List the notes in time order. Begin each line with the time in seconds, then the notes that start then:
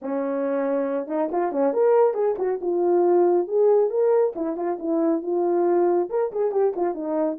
0.02 C#4
1.07 D#4
1.31 F4
1.52 C#4
1.73 A#4
2.13 G#4
2.38 F#4
2.61 F4
3.47 G#4
3.90 A#4
4.35 E4
4.56 F4
4.79 E4
5.22 F4
6.09 A#4
6.32 G#4
6.51 G4
6.76 F4
6.94 D#4